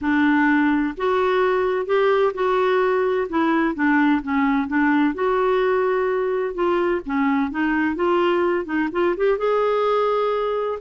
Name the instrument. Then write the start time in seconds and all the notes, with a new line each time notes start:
clarinet
0.01 D4
0.97 F#4
1.86 G4
2.34 F#4
3.29 E4
3.74 D4
4.22 C#4
4.67 D4
5.14 F#4
6.54 F4
7.05 C#4
7.50 D#4
7.95 F4
8.65 D#4
8.92 F4
9.16 G4
9.38 G#4